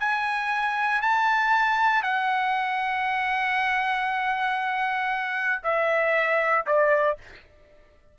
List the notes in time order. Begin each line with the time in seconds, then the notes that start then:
0.00 G#5
1.02 A5
2.03 F#5
5.64 E5
6.67 D5